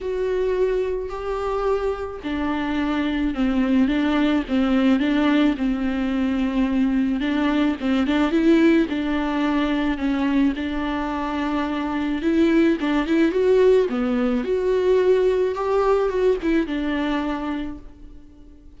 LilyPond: \new Staff \with { instrumentName = "viola" } { \time 4/4 \tempo 4 = 108 fis'2 g'2 | d'2 c'4 d'4 | c'4 d'4 c'2~ | c'4 d'4 c'8 d'8 e'4 |
d'2 cis'4 d'4~ | d'2 e'4 d'8 e'8 | fis'4 b4 fis'2 | g'4 fis'8 e'8 d'2 | }